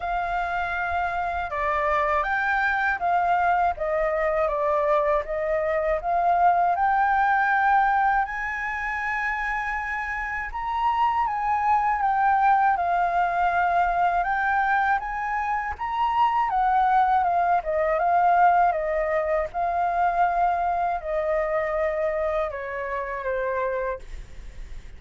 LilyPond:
\new Staff \with { instrumentName = "flute" } { \time 4/4 \tempo 4 = 80 f''2 d''4 g''4 | f''4 dis''4 d''4 dis''4 | f''4 g''2 gis''4~ | gis''2 ais''4 gis''4 |
g''4 f''2 g''4 | gis''4 ais''4 fis''4 f''8 dis''8 | f''4 dis''4 f''2 | dis''2 cis''4 c''4 | }